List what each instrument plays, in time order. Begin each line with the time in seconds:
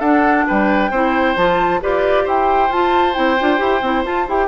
0.00 bassoon D4, clarinet D4, oboe A4, flute F#5
0.48 bassoon G3, oboe B4, flute G5
0.91 bassoon C4, clarinet E4, oboe C5
1.37 bassoon F3, clarinet F4, flute A5
1.81 bassoon F4, clarinet G4, oboe B4, flute D5
2.24 bassoon E4, oboe C5, flute G5
2.70 bassoon F4, clarinet F4, flute A5
3.14 bassoon C4, clarinet E4, flute G5
3.40 bassoon D4, clarinet F4
3.58 bassoon E4, clarinet G4
3.82 bassoon C4, clarinet E4
4.05 clarinet F4, bassoon F4, flute A5
4.28 bassoon E4, clarinet G4, flute G5